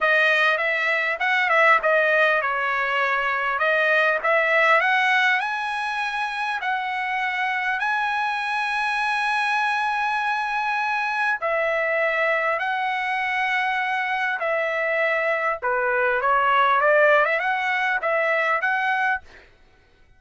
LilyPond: \new Staff \with { instrumentName = "trumpet" } { \time 4/4 \tempo 4 = 100 dis''4 e''4 fis''8 e''8 dis''4 | cis''2 dis''4 e''4 | fis''4 gis''2 fis''4~ | fis''4 gis''2.~ |
gis''2. e''4~ | e''4 fis''2. | e''2 b'4 cis''4 | d''8. e''16 fis''4 e''4 fis''4 | }